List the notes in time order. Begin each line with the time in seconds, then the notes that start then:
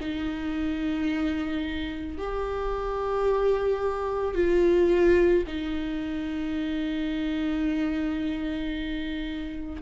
0.00 D#4
2.18 G4
4.34 F4
5.46 D#4